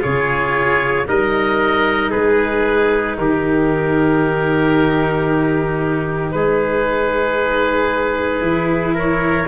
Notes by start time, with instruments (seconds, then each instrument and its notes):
0.00 tuba C#3, cello F4, trumpet G#4, oboe C#5
1.07 tuba G3, cello D#4, trumpet A#4, oboe D#5
2.11 tuba G#3, trumpet G#4, oboe B4
3.18 tuba D#3, trumpet G4, oboe A#4
6.31 tuba G#3, trumpet G#4, oboe B4
8.41 tuba E3, cello E4
8.95 trumpet A#4, oboe C#5